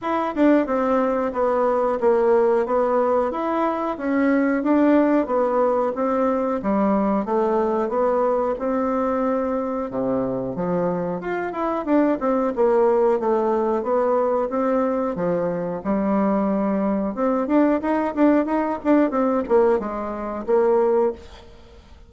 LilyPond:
\new Staff \with { instrumentName = "bassoon" } { \time 4/4 \tempo 4 = 91 e'8 d'8 c'4 b4 ais4 | b4 e'4 cis'4 d'4 | b4 c'4 g4 a4 | b4 c'2 c4 |
f4 f'8 e'8 d'8 c'8 ais4 | a4 b4 c'4 f4 | g2 c'8 d'8 dis'8 d'8 | dis'8 d'8 c'8 ais8 gis4 ais4 | }